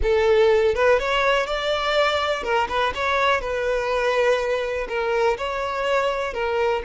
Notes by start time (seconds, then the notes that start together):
0.02 A4
0.75 B4
0.99 C#5
1.46 D5
2.43 A#4
2.69 B4
2.94 C#5
3.40 B4
4.88 A#4
5.37 C#5
6.33 A#4